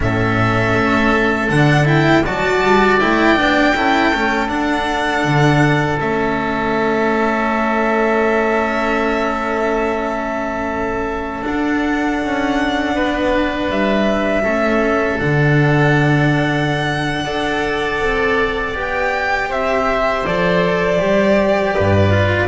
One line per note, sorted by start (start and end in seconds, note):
0.00 0.74 A2
0.00 1.49 C#4
0.00 2.25 A4
0.00 1.49 E5
0.74 1.49 A3
1.49 2.24 D3
1.49 1.85 D4
1.49 1.86 F#5
1.85 2.22 E4
1.85 2.25 G5
2.25 2.62 F#3
2.25 2.99 F#4
2.25 3.75 D5
2.25 2.99 A5
2.62 2.99 G3
2.99 3.38 A3
2.99 3.36 E4
2.99 4.48 G5
3.36 3.75 B3
3.36 3.74 D4
3.75 4.12 C#4
3.75 4.13 E4
3.75 12.94 A4
4.12 4.49 A3
4.12 4.48 C#4
4.48 5.98 D4
4.48 5.23 D4
4.48 5.98 F#5
5.23 5.98 D3
5.99 11.44 A3
5.99 11.42 C#4
5.99 11.44 E5
11.42 14.42 D4
11.42 12.22 D4
11.42 13.70 F#5
12.22 12.95 C#4
12.94 13.70 B3
12.94 14.42 B4
13.70 14.44 G3
13.70 15.20 E5
14.42 15.19 A3
14.42 15.19 C#4
14.42 17.23 A4
15.19 17.26 D3
15.19 17.24 D4
15.19 18.76 F#5
17.24 18.00 D4
17.24 18.74 A4
17.24 19.48 D5
18.00 18.74 C4
18.74 19.49 B3
18.74 20.24 G4
18.74 19.51 G5
19.48 20.24 C4
19.48 21.73 C5
19.48 20.25 E5
20.25 21.00 F3
20.25 20.98 A4
20.25 22.47 D5
20.98 21.75 G3
20.98 22.10 G4
21.73 22.47 G2
21.73 22.47 B4
22.10 22.47 F4